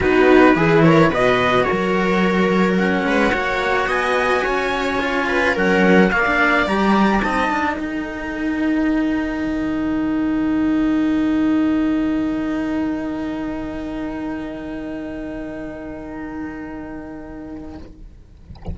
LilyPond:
<<
  \new Staff \with { instrumentName = "trumpet" } { \time 4/4 \tempo 4 = 108 b'4. cis''8 dis''4 cis''4~ | cis''4 fis''2 gis''4~ | gis''2 fis''4 f''4 | ais''4 a''4 g''2~ |
g''1~ | g''1~ | g''1~ | g''1 | }
  \new Staff \with { instrumentName = "viola" } { \time 4/4 fis'4 gis'8 ais'8 b'4 ais'4~ | ais'4. b'8 cis''4 dis''4 | cis''4. b'8 ais'4 d''4~ | d''4 dis''4 ais'2~ |
ais'1~ | ais'1~ | ais'1~ | ais'1 | }
  \new Staff \with { instrumentName = "cello" } { \time 4/4 dis'4 e'4 fis'2~ | fis'4 cis'4 fis'2~ | fis'4 f'4 cis'4 ais16 d'8. | g'4 dis'2.~ |
dis'1~ | dis'1~ | dis'1~ | dis'1 | }
  \new Staff \with { instrumentName = "cello" } { \time 4/4 b4 e4 b,4 fis4~ | fis4. gis8 ais4 b4 | cis'2 fis4 ais4 | g4 c'8 d'8 dis'2~ |
dis'4 dis2.~ | dis1~ | dis1~ | dis1 | }
>>